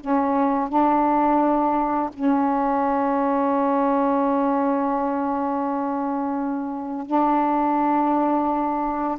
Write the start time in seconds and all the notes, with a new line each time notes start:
0.00 C#4
0.69 D4
2.13 C#4
7.06 D4